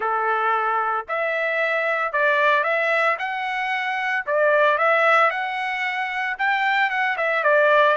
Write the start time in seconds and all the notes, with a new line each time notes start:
0.00 A4
1.08 E5
2.12 D5
2.63 E5
3.19 F#5
4.26 D5
4.78 E5
5.30 F#5
6.38 G5
6.90 F#5
7.17 E5
7.43 D5